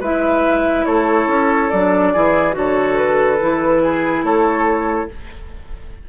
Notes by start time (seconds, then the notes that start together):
0.00 G#3 E4 B4 E5
0.85 A3 A4 C#5
1.27 C#4
1.70 F#3 D4 D5
2.13 E3 E4 G#4
2.52 D3 F#4 A4 C#5
2.98 B4
3.40 E3 E4
3.83 G#4
4.23 A3 A4 C#5